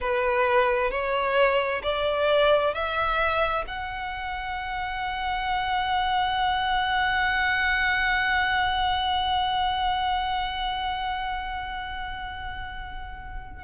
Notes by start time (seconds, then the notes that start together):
0.00 B4
0.90 C#5
1.83 D5
2.74 E5
3.67 F#5